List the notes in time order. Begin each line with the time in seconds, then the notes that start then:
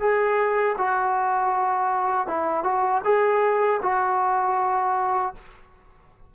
0.00 G#4
0.78 F#4
2.27 E4
2.64 F#4
3.04 G#4
3.82 F#4